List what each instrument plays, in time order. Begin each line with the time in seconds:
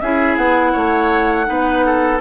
0.00 bassoon C#4, clarinet E4, oboe G#4, flute E5
0.37 bassoon B3, flute F#5
0.73 bassoon A3, oboe C#5
1.45 bassoon B3, clarinet D#4, oboe B4
1.86 oboe A4